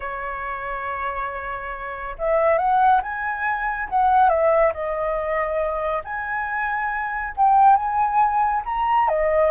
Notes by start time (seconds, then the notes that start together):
0.00 C#5
2.18 E5
2.58 F#5
3.02 G#5
3.89 F#5
4.29 E5
4.73 D#5
6.04 G#5
7.36 G5
7.76 G#5
8.65 A#5
9.08 D#5